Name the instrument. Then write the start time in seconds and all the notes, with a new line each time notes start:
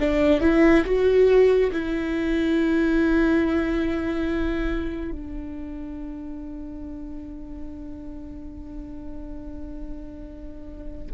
viola
0.00 D4
0.41 E4
0.86 F#4
1.72 E4
5.12 D4